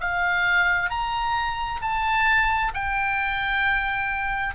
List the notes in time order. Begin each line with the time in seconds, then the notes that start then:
0.00 F5
0.90 A#5
1.81 A5
2.74 G5